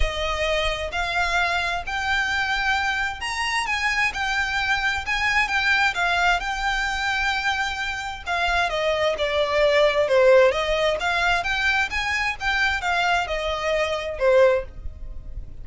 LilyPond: \new Staff \with { instrumentName = "violin" } { \time 4/4 \tempo 4 = 131 dis''2 f''2 | g''2. ais''4 | gis''4 g''2 gis''4 | g''4 f''4 g''2~ |
g''2 f''4 dis''4 | d''2 c''4 dis''4 | f''4 g''4 gis''4 g''4 | f''4 dis''2 c''4 | }